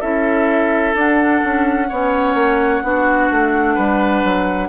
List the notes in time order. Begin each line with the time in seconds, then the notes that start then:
0.00 C#4 E4 A4 E5
0.94 D4 F#5
1.44 C#4
1.88 B3 C#4 C#5
2.34 A#3
2.83 B3 D4 F#4
3.30 A3
3.74 G3 B4
4.24 F#3